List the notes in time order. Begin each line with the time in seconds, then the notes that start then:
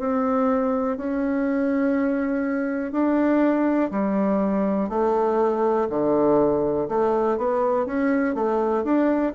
0.00 C4
0.98 C#4
2.92 D4
3.92 G3
4.90 A3
5.90 D3
6.89 A3
7.38 B3
7.86 C#4
8.35 A3
8.84 D4